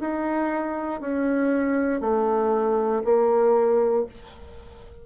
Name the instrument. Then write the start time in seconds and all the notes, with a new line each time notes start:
bassoon
0.00 D#4
1.00 C#4
2.01 A3
3.04 A#3